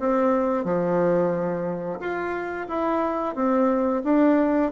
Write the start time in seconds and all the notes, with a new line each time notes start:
0.00 C4
0.65 F3
2.00 F4
2.68 E4
3.35 C4
4.04 D4